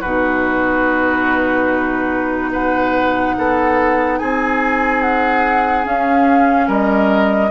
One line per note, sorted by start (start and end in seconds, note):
0.00 3.37 B2
0.00 5.83 D#4
0.00 2.50 F#4
0.00 2.51 B4
2.52 3.35 B4
2.52 4.19 F#5
3.37 4.20 B3
3.37 4.19 A4
4.19 5.86 C4
4.19 6.67 G#4
4.19 5.02 G#5
5.02 5.85 F#5
5.83 7.50 C#4
5.83 6.68 C#4
5.83 6.69 F5
6.67 7.51 G3
6.67 7.51 A#4
6.67 7.51 D#5